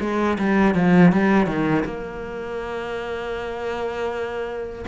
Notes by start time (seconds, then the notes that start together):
0.00 G#3
0.38 G3
0.74 F3
1.12 G3
1.46 D#3
1.85 A#3